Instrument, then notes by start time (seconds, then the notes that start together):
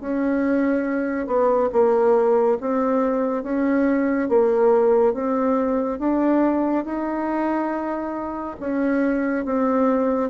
bassoon
0.00 C#4
1.27 B3
1.72 A#3
2.60 C4
3.43 C#4
4.29 A#3
5.14 C4
5.98 D4
6.85 D#4
8.60 C#4
9.45 C4